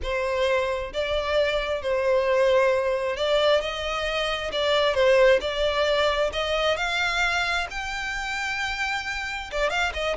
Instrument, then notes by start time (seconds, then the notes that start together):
violin
0.02 C5
0.93 D5
1.81 C5
3.16 D5
3.61 D#5
4.52 D5
4.94 C5
5.40 D5
6.32 D#5
6.76 F5
7.70 G5
9.51 D5
9.70 F5
9.93 D#5